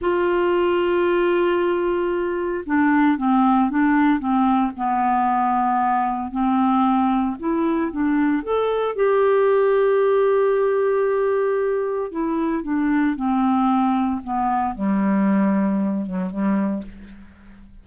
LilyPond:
\new Staff \with { instrumentName = "clarinet" } { \time 4/4 \tempo 4 = 114 f'1~ | f'4 d'4 c'4 d'4 | c'4 b2. | c'2 e'4 d'4 |
a'4 g'2.~ | g'2. e'4 | d'4 c'2 b4 | g2~ g8 fis8 g4 | }